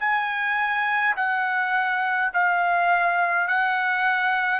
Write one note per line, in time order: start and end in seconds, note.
0.00 1.15 G#5
1.16 2.32 F#5
2.34 3.48 F5
3.48 4.60 F#5